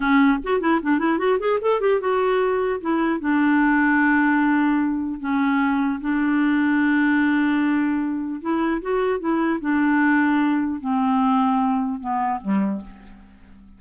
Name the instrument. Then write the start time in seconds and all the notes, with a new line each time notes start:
clarinet
0.00 C#4
0.43 F#4
0.60 E4
0.82 D4
0.99 E4
1.18 F#4
1.39 G#4
1.61 A4
1.80 G4
2.00 F#4
2.80 E4
3.20 D4
5.20 C#4
6.00 D4
8.41 E4
8.81 F#4
9.19 E4
9.60 D4
10.80 C4
12.00 B3
12.41 G3